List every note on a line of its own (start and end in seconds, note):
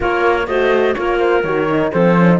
0.00 0.47 A#3
0.00 0.46 F4
0.00 0.48 A#4
0.00 0.47 C#5
0.47 0.95 A3
0.47 0.96 F#4
0.47 0.96 C5
0.47 0.94 D#5
0.94 1.43 A#3
0.94 1.44 F4
0.94 1.92 A#4
0.94 1.18 C#5
1.18 1.42 C5
1.43 1.91 D#3
1.43 1.69 F#4
1.43 1.91 C#5
1.70 1.93 D#4
1.92 2.39 F3
1.92 2.17 C4
1.92 2.39 A4
1.92 2.39 C5
2.17 2.28 C#4
2.28 2.39 D#4